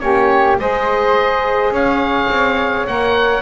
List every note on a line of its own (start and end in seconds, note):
0.00 0.59 A#3
0.00 0.57 C#4
0.00 0.60 G4
0.00 0.57 C#5
0.59 1.71 G#3
0.59 2.87 G#4
0.59 1.73 C5
0.59 1.74 D#5
1.71 2.28 C#4
1.71 3.42 C#5
1.71 2.87 F5
2.29 2.87 C4
2.87 3.42 A#3
2.87 3.42 A#4
2.87 3.42 F#5